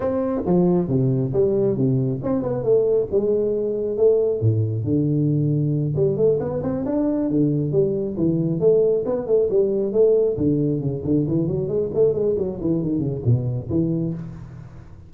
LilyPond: \new Staff \with { instrumentName = "tuba" } { \time 4/4 \tempo 4 = 136 c'4 f4 c4 g4 | c4 c'8 b8 a4 gis4~ | gis4 a4 a,4 d4~ | d4. g8 a8 b8 c'8 d'8~ |
d'8 d4 g4 e4 a8~ | a8 b8 a8 g4 a4 d8~ | d8 cis8 d8 e8 fis8 gis8 a8 gis8 | fis8 e8 dis8 cis8 b,4 e4 | }